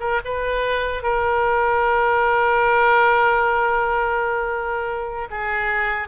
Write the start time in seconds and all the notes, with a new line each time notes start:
0.00 A#4
0.25 B4
1.03 A#4
5.30 G#4